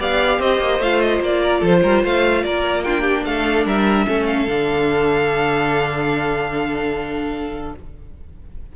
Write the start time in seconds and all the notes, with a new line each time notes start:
0.00 B3 G4 D5 F5
0.39 C4 C5 D#5
0.59 A#3
0.79 A3 F4 F5
1.01 D#5
1.20 A#3 D5
1.43 A#4
1.60 F3 A4 C5
1.83 G3 A#4
2.03 A3 C5 F5
2.43 A#3 A#4 D5
2.84 D4 F4 G5
3.02 G4
3.26 A3 A4 F5
3.66 G3 A#4 E5
4.07 A3 C#4 A4
4.26 F5
4.47 D3 D4